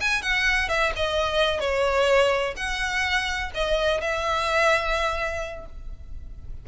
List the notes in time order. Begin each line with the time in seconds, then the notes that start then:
0.00 G#5
0.22 F#5
0.69 E5
0.96 D#5
1.60 C#5
2.56 F#5
3.54 D#5
4.01 E5